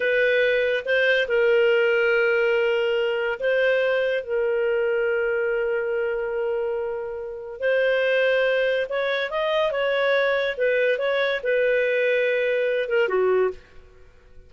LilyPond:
\new Staff \with { instrumentName = "clarinet" } { \time 4/4 \tempo 4 = 142 b'2 c''4 ais'4~ | ais'1 | c''2 ais'2~ | ais'1~ |
ais'2 c''2~ | c''4 cis''4 dis''4 cis''4~ | cis''4 b'4 cis''4 b'4~ | b'2~ b'8 ais'8 fis'4 | }